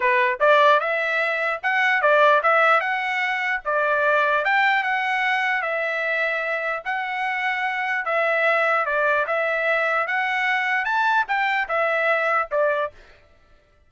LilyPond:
\new Staff \with { instrumentName = "trumpet" } { \time 4/4 \tempo 4 = 149 b'4 d''4 e''2 | fis''4 d''4 e''4 fis''4~ | fis''4 d''2 g''4 | fis''2 e''2~ |
e''4 fis''2. | e''2 d''4 e''4~ | e''4 fis''2 a''4 | g''4 e''2 d''4 | }